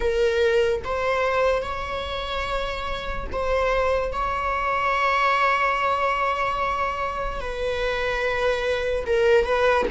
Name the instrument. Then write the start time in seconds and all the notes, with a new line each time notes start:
viola
0.00 A#4
0.84 C5
1.62 C#5
3.31 C5
4.12 C#5
7.40 B4
9.06 A#4
9.44 B4